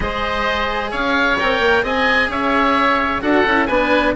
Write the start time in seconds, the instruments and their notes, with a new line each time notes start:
0.00 bassoon G#3, cello G#4, oboe C5 D#5
0.91 bassoon C#4, oboe C#5 F5
1.39 bassoon C4, cello A#4, oboe G5
1.59 bassoon A#3
1.82 bassoon C4, cello G#4, oboe D#5 G#5
2.28 bassoon C#4, oboe C#5 E5
3.21 bassoon D4, cello F#4, oboe A4 F#5
3.45 bassoon C#4, cello E4
3.66 bassoon B3, cello D4, oboe B4 G#5